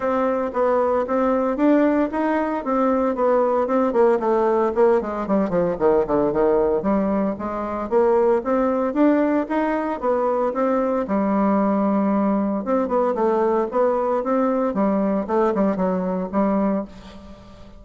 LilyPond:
\new Staff \with { instrumentName = "bassoon" } { \time 4/4 \tempo 4 = 114 c'4 b4 c'4 d'4 | dis'4 c'4 b4 c'8 ais8 | a4 ais8 gis8 g8 f8 dis8 d8 | dis4 g4 gis4 ais4 |
c'4 d'4 dis'4 b4 | c'4 g2. | c'8 b8 a4 b4 c'4 | g4 a8 g8 fis4 g4 | }